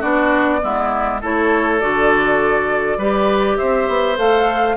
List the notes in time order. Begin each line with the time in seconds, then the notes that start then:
0.00 B3 D4 F#4 D5
0.61 G#3 B3 E4
1.21 A3 E4 A4 C#5
1.80 D3 F#4 D5
2.97 G3 G4 B4
3.57 C4 C5 E5
3.88 B3
4.16 A3 A4 F5